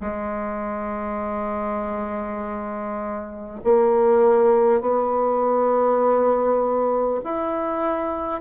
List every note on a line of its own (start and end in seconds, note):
0.00 3.60 G#3
3.64 4.81 A#3
4.81 7.21 B3
7.24 8.41 E4